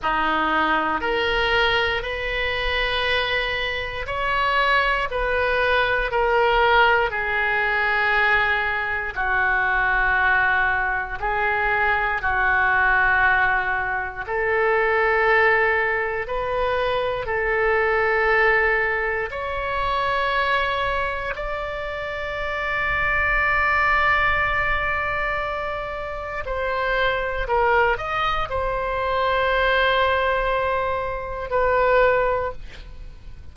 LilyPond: \new Staff \with { instrumentName = "oboe" } { \time 4/4 \tempo 4 = 59 dis'4 ais'4 b'2 | cis''4 b'4 ais'4 gis'4~ | gis'4 fis'2 gis'4 | fis'2 a'2 |
b'4 a'2 cis''4~ | cis''4 d''2.~ | d''2 c''4 ais'8 dis''8 | c''2. b'4 | }